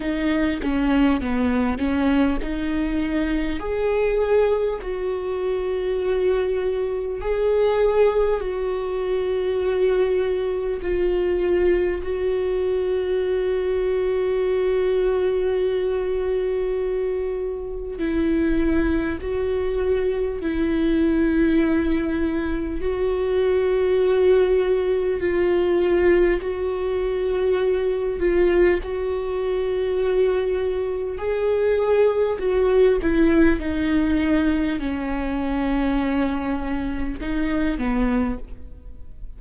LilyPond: \new Staff \with { instrumentName = "viola" } { \time 4/4 \tempo 4 = 50 dis'8 cis'8 b8 cis'8 dis'4 gis'4 | fis'2 gis'4 fis'4~ | fis'4 f'4 fis'2~ | fis'2. e'4 |
fis'4 e'2 fis'4~ | fis'4 f'4 fis'4. f'8 | fis'2 gis'4 fis'8 e'8 | dis'4 cis'2 dis'8 b8 | }